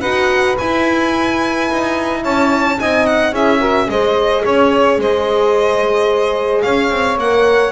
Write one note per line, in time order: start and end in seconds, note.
0.00 0.57 D#4
0.00 0.58 F#4
0.00 2.20 B4
0.00 0.56 F#5
0.58 2.79 E4
0.58 1.71 E4
0.58 2.23 G#5
1.71 2.24 D#4
2.22 2.79 C#4
2.22 2.77 C#5
2.22 2.79 A5
2.79 3.32 C4
2.79 3.33 D#4
2.79 3.32 D#5
2.79 3.06 G#5
3.06 3.33 F#5
3.32 3.87 C#4
3.32 3.59 E4
3.32 3.58 G#4
3.32 3.90 E5
3.58 3.87 F#4
3.58 3.86 A#4
3.89 4.44 G#3
3.89 7.21 G#4
3.89 4.43 C5
3.89 4.45 D#5
4.43 4.98 C#4
4.43 4.98 C#5
4.43 5.01 C#5
4.98 6.63 G#3
4.98 6.64 C5
4.98 6.62 D#5
6.62 6.90 C#4
6.62 7.72 C#5
6.62 7.17 F5
6.90 7.17 C4
7.17 7.72 A#3
7.17 7.72 A#4
7.17 7.72 F#5